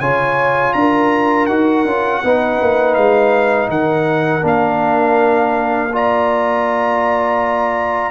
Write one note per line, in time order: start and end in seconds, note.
0.00 0.74 C#3
0.00 1.49 F4
0.00 0.74 C#5
0.00 0.73 G#5
0.73 1.49 D4
0.73 2.23 A#4
0.73 1.46 A#5
1.46 1.85 D#4
1.46 1.86 F#4
1.46 2.95 F#5
1.85 2.22 C#4
1.85 2.24 F4
2.23 2.61 B3
2.23 4.42 D#4
2.23 3.71 B4
2.62 2.97 A#3
2.95 3.69 G#3
2.95 3.69 F5
3.69 4.43 D#3
3.69 5.93 A#4
3.69 4.45 F#5
4.42 8.11 A#3
4.42 5.90 D4
4.42 5.96 F5
5.93 8.11 F4
5.93 8.11 D5
5.93 8.11 A#5